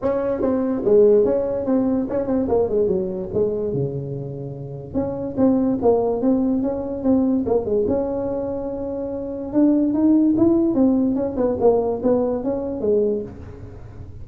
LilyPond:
\new Staff \with { instrumentName = "tuba" } { \time 4/4 \tempo 4 = 145 cis'4 c'4 gis4 cis'4 | c'4 cis'8 c'8 ais8 gis8 fis4 | gis4 cis2. | cis'4 c'4 ais4 c'4 |
cis'4 c'4 ais8 gis8 cis'4~ | cis'2. d'4 | dis'4 e'4 c'4 cis'8 b8 | ais4 b4 cis'4 gis4 | }